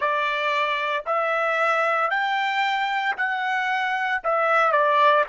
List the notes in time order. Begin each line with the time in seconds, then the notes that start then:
0.00 D5
1.06 E5
2.10 G5
3.16 F#5
4.23 E5
4.71 D5